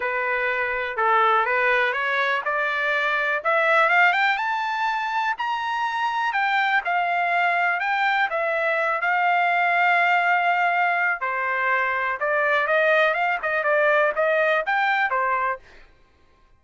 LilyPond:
\new Staff \with { instrumentName = "trumpet" } { \time 4/4 \tempo 4 = 123 b'2 a'4 b'4 | cis''4 d''2 e''4 | f''8 g''8 a''2 ais''4~ | ais''4 g''4 f''2 |
g''4 e''4. f''4.~ | f''2. c''4~ | c''4 d''4 dis''4 f''8 dis''8 | d''4 dis''4 g''4 c''4 | }